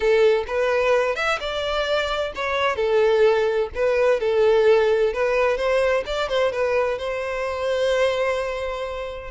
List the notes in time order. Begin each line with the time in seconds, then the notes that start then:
0.00 A4
0.47 B4
1.15 E5
1.40 D5
2.35 C#5
2.76 A4
3.74 B4
4.20 A4
5.13 B4
5.57 C5
6.05 D5
6.28 C5
6.51 B4
6.98 C5